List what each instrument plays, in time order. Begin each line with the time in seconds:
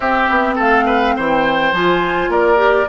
0.00 bassoon C4, clarinet C4, oboe G4, flute E5
0.29 bassoon B3
0.55 bassoon A3, oboe A4, flute F5
0.85 oboe B4
1.16 bassoon E3, oboe C5, flute G5
1.72 bassoon F3, clarinet F4, flute G#5
2.28 bassoon A#3, oboe A#4, flute D5
2.56 clarinet G4